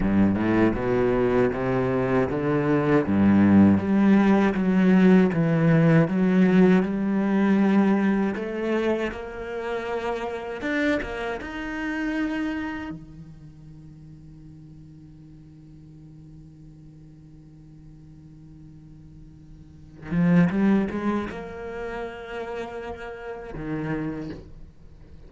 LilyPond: \new Staff \with { instrumentName = "cello" } { \time 4/4 \tempo 4 = 79 g,8 a,8 b,4 c4 d4 | g,4 g4 fis4 e4 | fis4 g2 a4 | ais2 d'8 ais8 dis'4~ |
dis'4 dis2.~ | dis1~ | dis2~ dis8 f8 g8 gis8 | ais2. dis4 | }